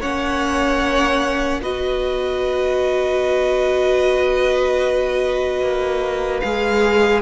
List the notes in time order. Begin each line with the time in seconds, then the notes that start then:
0.00 A#3 C#4 C#5 F#5
1.62 B3 F#4 B4 D#5
5.61 A#3
6.40 G#3 G#4 F5